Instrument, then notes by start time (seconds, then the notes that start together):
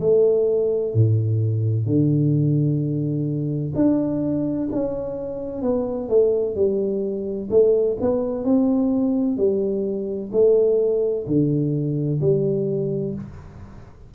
tuba
0.00 A3
0.94 A2
1.86 D3
3.75 D4
4.72 C#4
5.62 B3
6.09 A3
6.55 G3
7.50 A3
8.01 B3
8.45 C4
9.37 G3
10.32 A3
11.27 D3
12.21 G3